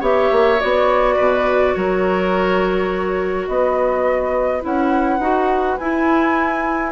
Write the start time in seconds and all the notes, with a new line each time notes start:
0.00 B3 G4 C#5 E5
0.31 A#3
0.60 B3 F#4 D5
1.16 B2 B4
1.74 F#3 A#4 C#5
3.47 B3 B4 D#5
4.62 C#4 E4 F#5
5.19 D#4 F#4
5.77 E4 G#5